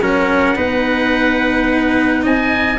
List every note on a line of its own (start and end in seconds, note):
0.00 0.56 F#3
0.00 0.55 C#4
0.00 0.56 A#4
0.00 2.24 F#5
0.55 2.24 B3
0.55 2.78 D#4
0.55 2.22 B4
2.22 2.78 C4
2.22 2.78 D#5
2.22 2.78 G#5